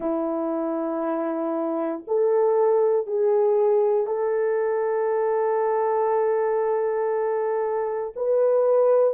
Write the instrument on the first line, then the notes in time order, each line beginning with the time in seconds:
horn
0.00 E4
2.07 A4
3.06 G#4
4.07 A4
8.15 B4